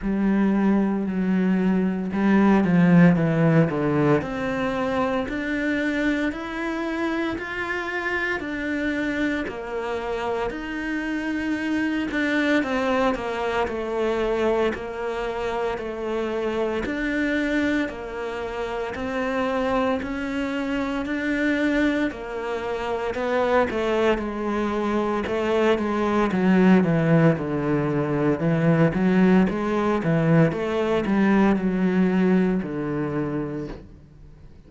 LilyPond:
\new Staff \with { instrumentName = "cello" } { \time 4/4 \tempo 4 = 57 g4 fis4 g8 f8 e8 d8 | c'4 d'4 e'4 f'4 | d'4 ais4 dis'4. d'8 | c'8 ais8 a4 ais4 a4 |
d'4 ais4 c'4 cis'4 | d'4 ais4 b8 a8 gis4 | a8 gis8 fis8 e8 d4 e8 fis8 | gis8 e8 a8 g8 fis4 d4 | }